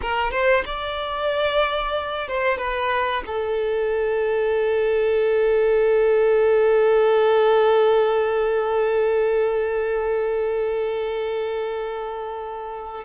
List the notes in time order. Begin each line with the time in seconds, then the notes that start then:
0.01 A#4
0.31 C5
0.65 D5
2.27 C5
2.58 B4
3.26 A4